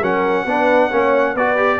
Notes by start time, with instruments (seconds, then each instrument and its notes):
0.00 tuba F#3, trombone C#4, horn A#4, trumpet F#5
0.45 tuba B3, trombone D4, horn B4
0.89 tuba A#3, trombone C#4, horn C#5
1.34 tuba B3, trombone F#4, horn B4, trumpet D5
1.57 trombone G4